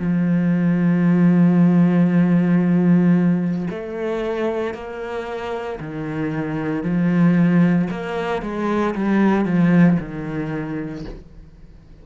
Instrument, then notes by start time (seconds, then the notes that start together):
cello
0.00 F3
3.70 A3
4.75 A#3
5.80 D#3
6.84 F3
7.91 A#3
8.42 G#3
8.95 G3
9.45 F3
10.00 D#3